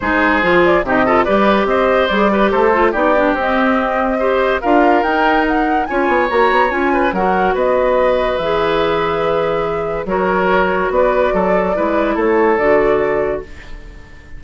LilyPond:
<<
  \new Staff \with { instrumentName = "flute" } { \time 4/4 \tempo 4 = 143 c''4. d''8 dis''4 d''4 | dis''4 d''4 c''4 d''4 | dis''2. f''4 | g''4 fis''4 gis''4 ais''4 |
gis''4 fis''4 dis''2 | e''1 | cis''2 d''2~ | d''4 cis''4 d''2 | }
  \new Staff \with { instrumentName = "oboe" } { \time 4/4 gis'2 g'8 a'8 b'4 | c''4. b'8 a'4 g'4~ | g'2 c''4 ais'4~ | ais'2 cis''2~ |
cis''8 b'8 ais'4 b'2~ | b'1 | ais'2 b'4 a'4 | b'4 a'2. | }
  \new Staff \with { instrumentName = "clarinet" } { \time 4/4 dis'4 f'4 dis'8 f'8 g'4~ | g'4 gis'8 g'4 f'8 dis'8 d'8 | c'2 g'4 f'4 | dis'2 f'4 fis'4 |
f'4 fis'2. | gis'1 | fis'1 | e'2 fis'2 | }
  \new Staff \with { instrumentName = "bassoon" } { \time 4/4 gis4 f4 c4 g4 | c'4 g4 a4 b4 | c'2. d'4 | dis'2 cis'8 b8 ais8 b8 |
cis'4 fis4 b2 | e1 | fis2 b4 fis4 | gis4 a4 d2 | }
>>